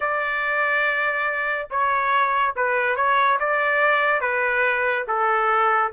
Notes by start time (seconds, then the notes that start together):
0.00 D5
1.70 C#5
2.56 B4
2.96 C#5
3.39 D5
4.21 B4
5.07 A4